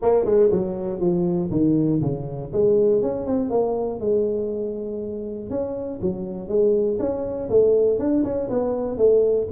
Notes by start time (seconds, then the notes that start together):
0.02 A#3
0.25 G#3
0.51 F#3
1.00 F3
1.51 D#3
2.01 C#3
2.52 G#3
3.02 C#4
3.26 C4
3.50 A#3
4.00 G#3
5.50 C#4
6.01 F#3
6.48 G#3
6.99 C#4
7.49 A3
7.98 D4
8.24 C#4
8.49 B3
8.97 A3